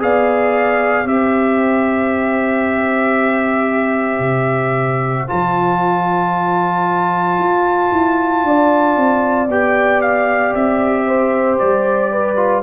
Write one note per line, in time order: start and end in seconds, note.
0.00 1.05 B3
0.00 1.05 G#4
0.00 1.07 D5
0.00 1.08 F5
1.05 4.20 C4
1.05 5.27 G4
1.05 8.44 C5
1.05 5.29 E5
4.20 5.25 C3
5.27 7.39 F3
5.27 9.48 F4
5.27 9.50 A5
7.39 7.91 F4
7.91 8.44 E4
8.44 8.96 D4
8.44 11.07 D5
8.96 9.48 C4
9.48 10.54 B3
9.48 12.36 G4
9.48 10.02 G5
10.02 10.54 F5
10.55 11.60 C4
10.55 11.59 E5
11.07 12.12 C5
11.59 12.62 G3
11.59 12.62 D5
12.12 12.62 B4
12.36 12.62 F4